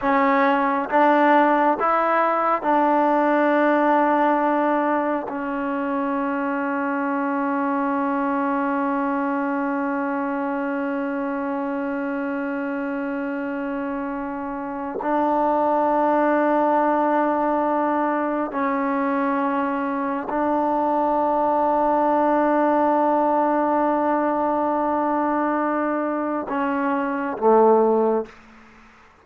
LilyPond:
\new Staff \with { instrumentName = "trombone" } { \time 4/4 \tempo 4 = 68 cis'4 d'4 e'4 d'4~ | d'2 cis'2~ | cis'1~ | cis'1~ |
cis'4 d'2.~ | d'4 cis'2 d'4~ | d'1~ | d'2 cis'4 a4 | }